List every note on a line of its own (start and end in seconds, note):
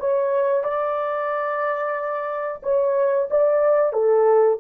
0.00 0.64 C#5
0.64 2.62 D5
2.63 3.29 C#5
3.31 3.93 D5
3.93 4.59 A4